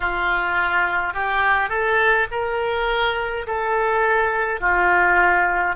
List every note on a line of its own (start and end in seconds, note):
0.00 1.13 F4
1.13 1.69 G4
1.69 2.27 A4
2.31 3.46 A#4
3.46 4.60 A4
4.60 5.75 F4